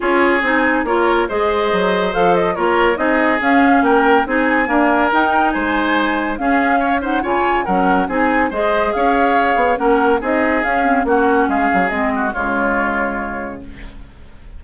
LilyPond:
<<
  \new Staff \with { instrumentName = "flute" } { \time 4/4 \tempo 4 = 141 cis''4 gis''4 cis''4 dis''4~ | dis''4 f''8 dis''8 cis''4 dis''4 | f''4 g''4 gis''2 | g''4 gis''2 f''4~ |
f''8 fis''8 gis''4 fis''4 gis''4 | dis''4 f''2 fis''4 | dis''4 f''4 fis''4 f''4 | dis''4 cis''2. | }
  \new Staff \with { instrumentName = "oboe" } { \time 4/4 gis'2 ais'4 c''4~ | c''2 ais'4 gis'4~ | gis'4 ais'4 gis'4 ais'4~ | ais'4 c''2 gis'4 |
cis''8 c''8 cis''4 ais'4 gis'4 | c''4 cis''2 ais'4 | gis'2 fis'4 gis'4~ | gis'8 fis'8 f'2. | }
  \new Staff \with { instrumentName = "clarinet" } { \time 4/4 f'4 dis'4 f'4 gis'4~ | gis'4 a'4 f'4 dis'4 | cis'2 dis'4 ais4 | dis'2. cis'4~ |
cis'8 dis'8 f'4 cis'4 dis'4 | gis'2. cis'4 | dis'4 cis'8 c'8 cis'2 | c'4 gis2. | }
  \new Staff \with { instrumentName = "bassoon" } { \time 4/4 cis'4 c'4 ais4 gis4 | fis4 f4 ais4 c'4 | cis'4 ais4 c'4 d'4 | dis'4 gis2 cis'4~ |
cis'4 cis4 fis4 c'4 | gis4 cis'4. b8 ais4 | c'4 cis'4 ais4 gis8 fis8 | gis4 cis2. | }
>>